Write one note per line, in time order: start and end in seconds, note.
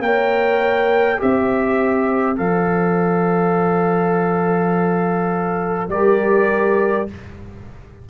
0.00 1.18 A#3
0.00 1.18 A#4
0.00 1.23 C#5
0.00 1.20 G5
1.18 2.39 C4
1.18 2.36 G4
1.18 5.92 C5
1.18 2.38 E5
2.36 5.89 F3
2.36 5.89 A4
2.36 5.90 F5
5.89 7.07 G3
5.89 7.08 G4
5.89 7.10 A#4
5.89 7.08 D5